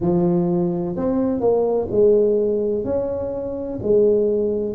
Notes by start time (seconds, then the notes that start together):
0.00 F3
0.96 C4
1.40 A#3
1.90 G#3
2.84 C#4
3.82 G#3